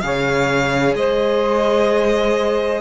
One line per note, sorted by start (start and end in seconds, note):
0.00 0.95 C#3
0.00 2.81 G#4
0.00 0.97 C#5
0.00 0.94 F5
0.95 2.81 G#3
0.95 2.81 C5
0.95 2.81 D#5